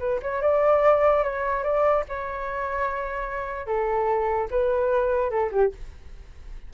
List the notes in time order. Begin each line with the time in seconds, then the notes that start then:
0.00 B4
0.22 C#5
0.42 D5
1.24 C#5
1.64 D5
2.09 C#5
3.67 A4
4.51 B4
5.31 A4
5.52 G4